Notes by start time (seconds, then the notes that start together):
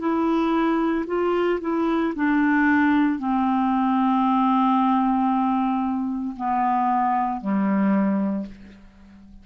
0.00 E4
1.07 F4
1.61 E4
2.16 D4
3.19 C4
6.36 B3
7.41 G3